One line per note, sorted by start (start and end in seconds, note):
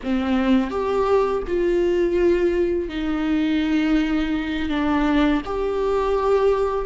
0.03 0.70 C4
0.70 1.43 G4
1.47 2.88 F4
2.88 4.69 D#4
4.69 5.41 D4
5.45 6.85 G4